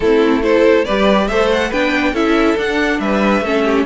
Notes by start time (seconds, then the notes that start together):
0.00 A3 C4 E4 A4
0.41 E4 A4 C5
0.84 G3 G4 B4 D5
1.27 A3 A4 C5 E5
1.51 F#5
1.69 B3 D4 B4 G5
2.12 C#4 E4 A4 E5
2.57 D4 F#5
2.99 G3 B4 E5
3.41 A3 C#4 A4
3.64 G4